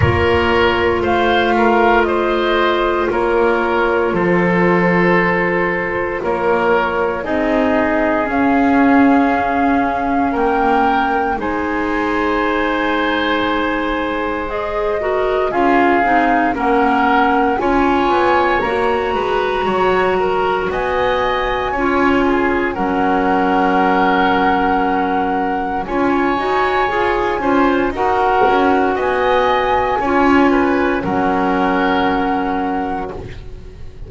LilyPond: <<
  \new Staff \with { instrumentName = "flute" } { \time 4/4 \tempo 4 = 58 cis''4 f''4 dis''4 cis''4 | c''2 cis''4 dis''4 | f''2 g''4 gis''4~ | gis''2 dis''4 f''4 |
fis''4 gis''4 ais''2 | gis''2 fis''2~ | fis''4 gis''2 fis''4 | gis''2 fis''2 | }
  \new Staff \with { instrumentName = "oboe" } { \time 4/4 ais'4 c''8 ais'8 c''4 ais'4 | a'2 ais'4 gis'4~ | gis'2 ais'4 c''4~ | c''2~ c''8 ais'8 gis'4 |
ais'4 cis''4. b'8 cis''8 ais'8 | dis''4 cis''8 gis'8 ais'2~ | ais'4 cis''4. c''8 ais'4 | dis''4 cis''8 b'8 ais'2 | }
  \new Staff \with { instrumentName = "clarinet" } { \time 4/4 f'1~ | f'2. dis'4 | cis'2. dis'4~ | dis'2 gis'8 fis'8 f'8 dis'8 |
cis'4 f'4 fis'2~ | fis'4 f'4 cis'2~ | cis'4 f'8 fis'8 gis'8 f'8 fis'4~ | fis'4 f'4 cis'2 | }
  \new Staff \with { instrumentName = "double bass" } { \time 4/4 ais4 a2 ais4 | f2 ais4 c'4 | cis'2 ais4 gis4~ | gis2. cis'8 c'8 |
ais4 cis'8 b8 ais8 gis8 fis4 | b4 cis'4 fis2~ | fis4 cis'8 dis'8 f'8 cis'8 dis'8 cis'8 | b4 cis'4 fis2 | }
>>